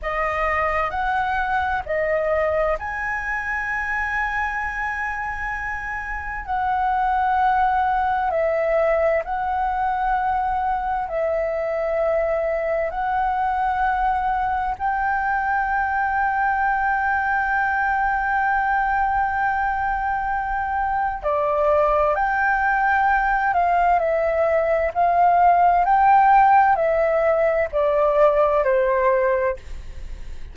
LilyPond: \new Staff \with { instrumentName = "flute" } { \time 4/4 \tempo 4 = 65 dis''4 fis''4 dis''4 gis''4~ | gis''2. fis''4~ | fis''4 e''4 fis''2 | e''2 fis''2 |
g''1~ | g''2. d''4 | g''4. f''8 e''4 f''4 | g''4 e''4 d''4 c''4 | }